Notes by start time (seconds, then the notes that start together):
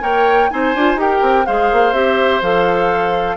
0.00 A#3 A#4 C#5 G5
0.50 C4 D#4 C5 G#5
0.75 D4 F4
0.95 D#4 G4 G5
1.01 A#4
1.22 C4
1.46 G#3 G#4 C5 F5
1.72 A#3
1.92 C4 G4 E5
2.42 F3 A4 F5